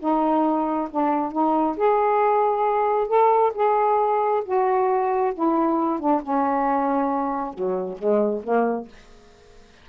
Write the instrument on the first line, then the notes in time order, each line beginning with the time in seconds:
saxophone
0.00 D#4
0.91 D4
1.32 D#4
1.77 G#4
3.08 A4
3.55 G#4
4.45 F#4
5.35 E4
6.00 D4
6.23 C#4
7.54 F#3
7.99 G#3
8.44 A#3